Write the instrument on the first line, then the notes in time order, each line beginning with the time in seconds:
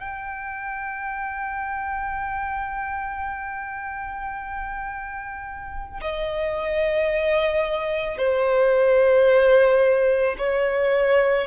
violin
0.00 G5
6.01 D#5
8.17 C5
10.38 C#5